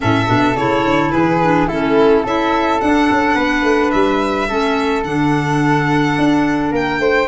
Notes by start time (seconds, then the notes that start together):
0.00 A2 C#4 A4 E5
0.26 B2 D4
0.55 C#3 E4 C#5
0.83 D3
1.10 E3 G#4 B4
1.42 D4
1.68 A3 C#4 E4 A4
2.23 C#4 E4 A4 E5
2.80 D4 F#5
3.11 C#4
3.35 B3 B4
3.62 A3
3.91 G3 E5
4.48 A3 C#4 A4
5.03 D3 D4 F#5
6.17 D4
6.71 A#3 A#4 G5
6.98 A3 C5